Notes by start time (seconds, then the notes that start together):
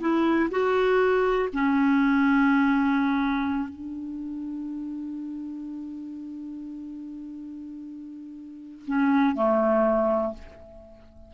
0.00 E4
0.51 F#4
1.53 C#4
3.69 D4
8.87 C#4
9.35 A3